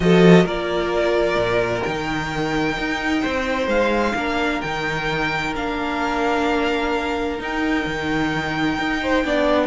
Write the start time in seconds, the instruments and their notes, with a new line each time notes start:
0.00 cello F3, viola F#4, violin A4 D#5
0.44 cello A#3, viola F4, violin A#4 D5
1.35 cello A#2
1.83 cello D#3, viola D#4, violin G5
2.77 cello D#4
3.21 cello C4, violin C5
3.67 cello G#3, violin F5
4.15 cello A#3, viola D4, violin A#4
4.61 cello D#3, viola D#4, violin G5
5.55 cello A#3, viola D4, violin F5
7.38 viola D#4, cello D#4, violin G5
7.86 cello D#3
8.78 cello D#4
9.02 violin C5
9.24 cello B3, viola D4, violin D5